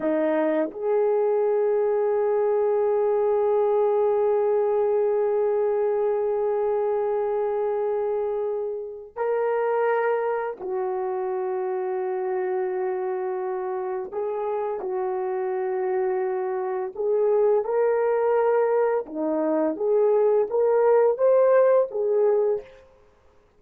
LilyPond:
\new Staff \with { instrumentName = "horn" } { \time 4/4 \tempo 4 = 85 dis'4 gis'2.~ | gis'1~ | gis'1~ | gis'4 ais'2 fis'4~ |
fis'1 | gis'4 fis'2. | gis'4 ais'2 dis'4 | gis'4 ais'4 c''4 gis'4 | }